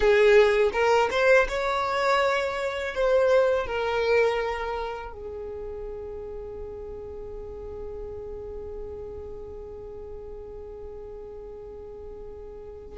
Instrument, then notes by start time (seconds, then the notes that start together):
violin
0.00 G#4
0.72 A#4
1.10 C5
1.48 C#5
2.94 C5
3.66 A#4
5.12 G#4